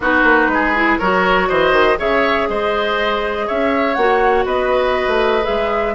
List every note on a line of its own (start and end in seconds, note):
0.00 0.22 B3
0.00 0.75 D#4
0.00 0.51 F#4
0.00 0.99 B4
0.23 0.47 A#3
0.47 0.97 G#3
0.53 0.98 G#4
0.75 1.00 E4
0.98 1.49 F#3
0.98 1.97 F#4
0.98 1.48 A#4
0.98 1.48 C#5
1.48 1.72 E3
1.48 1.98 C5
1.48 1.98 D#5
1.72 1.97 D#3
1.97 2.48 C#3
1.97 3.95 G#4
1.97 2.48 C#5
1.97 2.49 E5
2.48 3.48 G#3
2.48 3.47 C5
2.48 3.48 D#5
3.47 3.97 C#4
3.47 4.45 C#5
3.47 3.94 E5
3.94 4.45 A#3
3.94 5.42 F#4
3.94 4.43 F#5
4.45 5.07 B3
4.45 5.94 B4
4.45 5.45 D#5
5.07 5.44 A3
5.42 5.95 G#3
5.42 5.92 G#4
5.42 5.94 E5